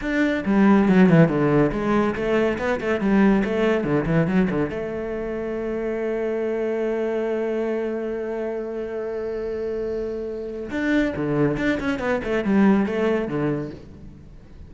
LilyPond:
\new Staff \with { instrumentName = "cello" } { \time 4/4 \tempo 4 = 140 d'4 g4 fis8 e8 d4 | gis4 a4 b8 a8 g4 | a4 d8 e8 fis8 d8 a4~ | a1~ |
a1~ | a1~ | a4 d'4 d4 d'8 cis'8 | b8 a8 g4 a4 d4 | }